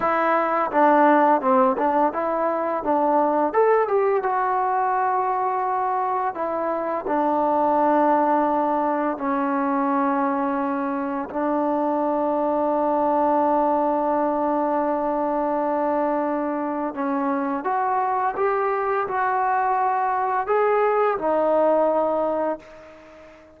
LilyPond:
\new Staff \with { instrumentName = "trombone" } { \time 4/4 \tempo 4 = 85 e'4 d'4 c'8 d'8 e'4 | d'4 a'8 g'8 fis'2~ | fis'4 e'4 d'2~ | d'4 cis'2. |
d'1~ | d'1 | cis'4 fis'4 g'4 fis'4~ | fis'4 gis'4 dis'2 | }